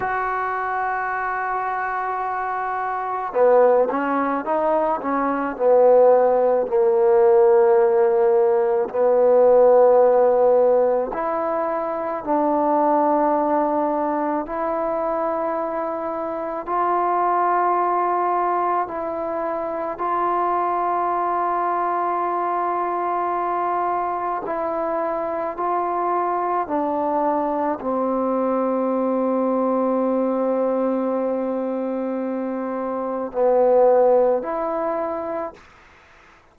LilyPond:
\new Staff \with { instrumentName = "trombone" } { \time 4/4 \tempo 4 = 54 fis'2. b8 cis'8 | dis'8 cis'8 b4 ais2 | b2 e'4 d'4~ | d'4 e'2 f'4~ |
f'4 e'4 f'2~ | f'2 e'4 f'4 | d'4 c'2.~ | c'2 b4 e'4 | }